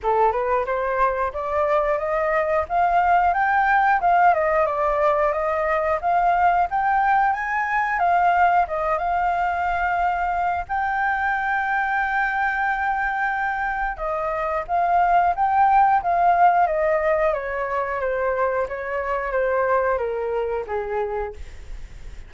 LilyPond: \new Staff \with { instrumentName = "flute" } { \time 4/4 \tempo 4 = 90 a'8 b'8 c''4 d''4 dis''4 | f''4 g''4 f''8 dis''8 d''4 | dis''4 f''4 g''4 gis''4 | f''4 dis''8 f''2~ f''8 |
g''1~ | g''4 dis''4 f''4 g''4 | f''4 dis''4 cis''4 c''4 | cis''4 c''4 ais'4 gis'4 | }